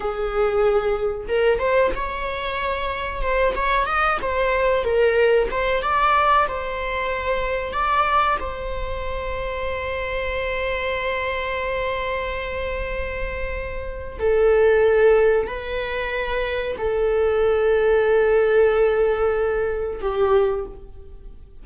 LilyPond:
\new Staff \with { instrumentName = "viola" } { \time 4/4 \tempo 4 = 93 gis'2 ais'8 c''8 cis''4~ | cis''4 c''8 cis''8 dis''8 c''4 ais'8~ | ais'8 c''8 d''4 c''2 | d''4 c''2.~ |
c''1~ | c''2 a'2 | b'2 a'2~ | a'2. g'4 | }